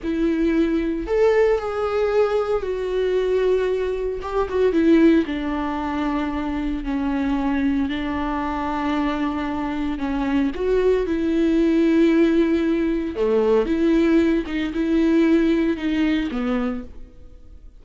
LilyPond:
\new Staff \with { instrumentName = "viola" } { \time 4/4 \tempo 4 = 114 e'2 a'4 gis'4~ | gis'4 fis'2. | g'8 fis'8 e'4 d'2~ | d'4 cis'2 d'4~ |
d'2. cis'4 | fis'4 e'2.~ | e'4 a4 e'4. dis'8 | e'2 dis'4 b4 | }